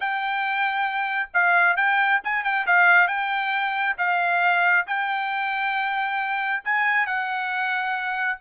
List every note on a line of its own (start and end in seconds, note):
0.00 1.29 G5
1.33 1.76 F5
1.76 2.20 G5
2.24 2.44 G#5
2.44 2.66 G5
2.66 3.07 F5
3.07 3.95 G5
3.97 4.85 F5
4.86 6.63 G5
6.64 7.06 G#5
7.06 8.38 F#5